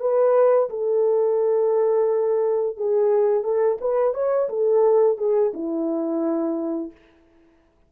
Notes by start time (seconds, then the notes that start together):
0.00 B4
0.70 A4
2.76 G#4
3.43 A4
3.81 B4
4.14 C#5
4.49 A4
5.18 G#4
5.53 E4